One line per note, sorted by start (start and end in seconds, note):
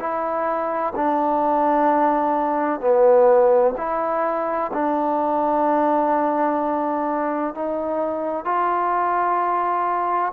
0.00 0.94 E4
0.96 2.81 D4
2.81 3.75 B3
3.78 4.71 E4
4.74 7.55 D4
7.55 8.45 D#4
8.45 10.33 F4